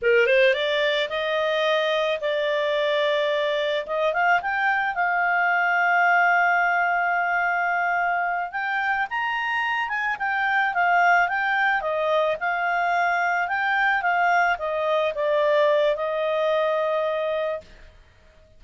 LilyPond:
\new Staff \with { instrumentName = "clarinet" } { \time 4/4 \tempo 4 = 109 ais'8 c''8 d''4 dis''2 | d''2. dis''8 f''8 | g''4 f''2.~ | f''2.~ f''8 g''8~ |
g''8 ais''4. gis''8 g''4 f''8~ | f''8 g''4 dis''4 f''4.~ | f''8 g''4 f''4 dis''4 d''8~ | d''4 dis''2. | }